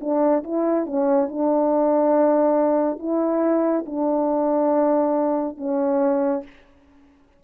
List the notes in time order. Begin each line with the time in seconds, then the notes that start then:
0.00 D4
0.43 E4
0.86 C#4
1.28 D4
2.98 E4
3.86 D4
5.57 C#4